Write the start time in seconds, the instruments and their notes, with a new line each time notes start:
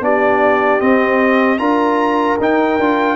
0.00 tuba B3, trombone D4, horn G4, trumpet D5
0.80 trombone C4, tuba C4, trumpet D#5
1.58 tuba D4, trombone F4, horn A#4, trumpet A#5
2.39 tuba D#4, trombone D#4, trumpet G5
2.79 tuba D4, trombone F4